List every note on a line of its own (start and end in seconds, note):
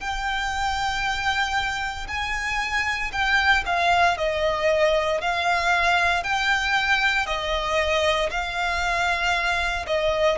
0.00 2.07 G5
2.08 3.11 G#5
3.12 3.63 G5
3.65 4.17 F5
4.17 5.21 D#5
5.21 6.23 F5
6.23 7.26 G5
7.26 8.29 D#5
8.30 9.86 F5
9.86 10.38 D#5